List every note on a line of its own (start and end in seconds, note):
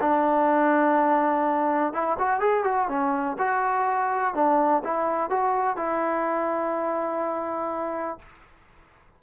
0.00 1.93 D4
1.93 2.17 E4
2.18 2.40 F#4
2.40 2.64 G#4
2.64 2.88 F#4
2.88 3.37 C#4
3.38 4.34 F#4
4.34 4.83 D4
4.84 5.30 E4
5.30 5.77 F#4
5.77 8.19 E4